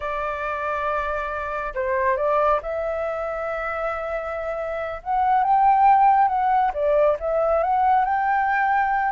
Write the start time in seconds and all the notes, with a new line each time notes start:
0.00 D5
1.74 C5
2.16 D5
2.62 E5
5.03 F#5
5.43 G5
6.27 F#5
6.73 D5
7.19 E5
7.63 F#5
8.04 G5